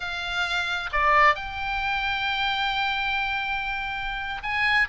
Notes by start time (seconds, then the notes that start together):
0.00 F5
0.92 D5
1.35 G5
4.42 G#5